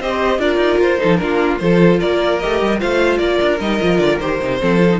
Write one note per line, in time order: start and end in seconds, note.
0.00 0.39 C4
0.00 0.40 G4
0.00 0.40 C5
0.00 0.40 D#5
0.39 0.56 D4
0.39 0.99 F4
0.39 1.00 A#4
0.39 0.80 D5
0.56 0.76 D#4
0.79 0.99 F4
0.79 1.17 C5
0.99 1.21 F3
0.99 1.19 D#4
0.99 1.20 A4
1.17 1.61 A#3
1.17 1.59 D4
1.17 1.62 F4
1.17 1.57 A#4
1.59 2.01 F3
1.59 2.41 F4
1.59 2.00 A4
1.59 1.99 C5
2.00 2.44 A#3
2.00 2.80 A#4
2.00 2.39 D5
2.39 2.62 A3
2.39 2.79 G4
2.39 2.79 D#5
2.62 2.82 G3
2.79 3.19 A3
2.79 3.59 F4
2.79 3.19 C5
2.79 3.18 F5
3.18 3.39 A#3
3.18 4.59 A#4
3.18 3.58 D5
3.42 3.60 D4
3.60 3.80 G3
3.60 3.81 D#4
3.60 3.98 D#5
3.81 3.98 F3
3.81 4.21 F4
3.98 4.18 D3
3.98 4.18 D5
4.20 4.40 D#3
4.20 4.41 G4
4.20 5.00 C5
4.41 4.61 C3
4.41 4.60 D#4
4.60 5.00 F3
4.60 4.79 C4
4.60 5.00 A4
4.79 4.89 F4
4.90 5.00 D#4